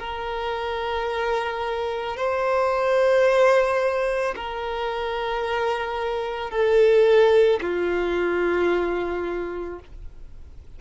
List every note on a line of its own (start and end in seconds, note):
0.00 2.17 A#4
2.17 4.35 C5
4.36 6.51 A#4
6.51 7.60 A4
7.62 9.80 F4